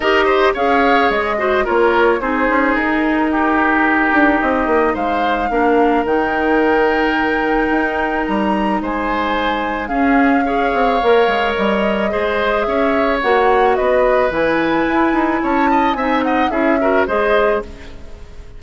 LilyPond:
<<
  \new Staff \with { instrumentName = "flute" } { \time 4/4 \tempo 4 = 109 dis''4 f''4 dis''4 cis''4 | c''4 ais'2. | dis''4 f''2 g''4~ | g''2. ais''4 |
gis''2 f''2~ | f''4 dis''2 e''4 | fis''4 dis''4 gis''2 | a''4 gis''8 fis''8 e''4 dis''4 | }
  \new Staff \with { instrumentName = "oboe" } { \time 4/4 ais'8 c''8 cis''4. c''8 ais'4 | gis'2 g'2~ | g'4 c''4 ais'2~ | ais'1 |
c''2 gis'4 cis''4~ | cis''2 c''4 cis''4~ | cis''4 b'2. | cis''8 dis''8 e''8 dis''8 gis'8 ais'8 c''4 | }
  \new Staff \with { instrumentName = "clarinet" } { \time 4/4 g'4 gis'4. fis'8 f'4 | dis'1~ | dis'2 d'4 dis'4~ | dis'1~ |
dis'2 cis'4 gis'4 | ais'2 gis'2 | fis'2 e'2~ | e'4 dis'4 e'8 fis'8 gis'4 | }
  \new Staff \with { instrumentName = "bassoon" } { \time 4/4 dis'4 cis'4 gis4 ais4 | c'8 cis'8 dis'2~ dis'8 d'8 | c'8 ais8 gis4 ais4 dis4~ | dis2 dis'4 g4 |
gis2 cis'4. c'8 | ais8 gis8 g4 gis4 cis'4 | ais4 b4 e4 e'8 dis'8 | cis'4 c'4 cis'4 gis4 | }
>>